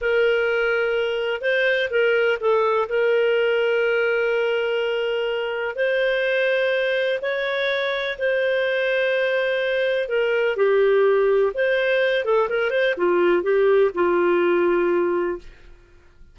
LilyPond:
\new Staff \with { instrumentName = "clarinet" } { \time 4/4 \tempo 4 = 125 ais'2. c''4 | ais'4 a'4 ais'2~ | ais'1 | c''2. cis''4~ |
cis''4 c''2.~ | c''4 ais'4 g'2 | c''4. a'8 ais'8 c''8 f'4 | g'4 f'2. | }